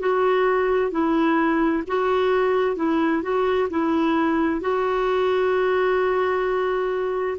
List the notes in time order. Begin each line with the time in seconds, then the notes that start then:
0.00 F#4
0.91 E4
1.88 F#4
2.77 E4
3.23 F#4
3.70 E4
4.61 F#4